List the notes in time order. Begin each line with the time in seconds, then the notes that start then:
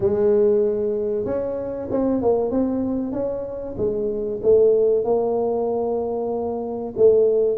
0.00 G#3
1.25 C#4
1.90 C4
2.21 A#3
2.50 C4
3.12 C#4
3.77 G#3
4.42 A3
5.04 A#3
6.96 A3